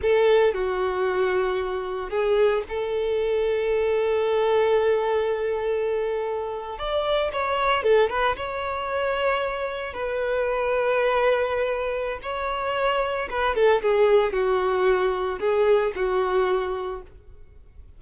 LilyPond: \new Staff \with { instrumentName = "violin" } { \time 4/4 \tempo 4 = 113 a'4 fis'2. | gis'4 a'2.~ | a'1~ | a'8. d''4 cis''4 a'8 b'8 cis''16~ |
cis''2~ cis''8. b'4~ b'16~ | b'2. cis''4~ | cis''4 b'8 a'8 gis'4 fis'4~ | fis'4 gis'4 fis'2 | }